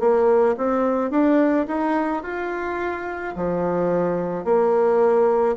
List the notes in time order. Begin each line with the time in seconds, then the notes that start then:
0.00 A#3
0.57 C4
1.11 D4
1.68 D#4
2.23 F4
3.36 F3
4.44 A#3